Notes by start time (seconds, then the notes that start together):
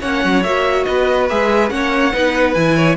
0.00 A#3 C#4 C#5 F#5
0.24 F#3
0.43 A#3 F#4 E5
0.84 B3 B4 D#5
1.29 G#3 G#4 E5
1.69 A#3 C#4 C#5 F#5
2.13 B3 D#4 B4
2.54 E3 E4 G#5
2.76 C#5